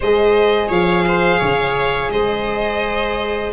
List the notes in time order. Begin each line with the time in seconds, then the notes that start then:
0.00 G#3 G#4 C5 D#5
0.68 F3 C#5 F5
1.07 C5
1.39 C#3 C#5
2.09 G#3 C5 D#5